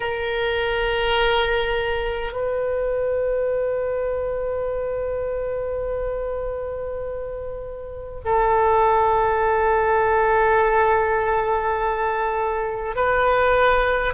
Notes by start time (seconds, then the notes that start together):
0.00 A#4
2.32 B4
8.25 A4
12.95 B4